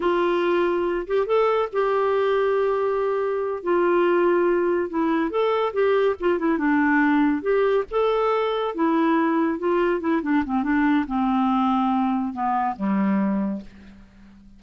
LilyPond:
\new Staff \with { instrumentName = "clarinet" } { \time 4/4 \tempo 4 = 141 f'2~ f'8 g'8 a'4 | g'1~ | g'8 f'2. e'8~ | e'8 a'4 g'4 f'8 e'8 d'8~ |
d'4. g'4 a'4.~ | a'8 e'2 f'4 e'8 | d'8 c'8 d'4 c'2~ | c'4 b4 g2 | }